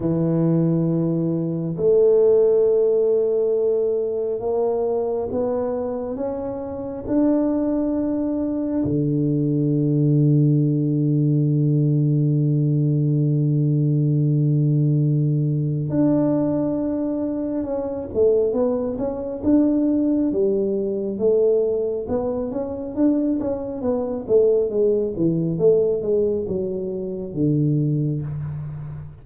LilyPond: \new Staff \with { instrumentName = "tuba" } { \time 4/4 \tempo 4 = 68 e2 a2~ | a4 ais4 b4 cis'4 | d'2 d2~ | d1~ |
d2 d'2 | cis'8 a8 b8 cis'8 d'4 g4 | a4 b8 cis'8 d'8 cis'8 b8 a8 | gis8 e8 a8 gis8 fis4 d4 | }